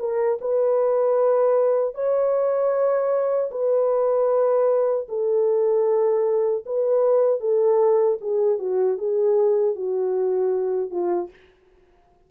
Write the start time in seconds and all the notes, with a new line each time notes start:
0.00 A#4
0.41 B4
1.95 C#5
3.51 B4
5.09 A4
6.66 B4
7.41 A4
8.21 G#4
8.59 F#4
8.98 G#4
9.76 F#4
10.91 F4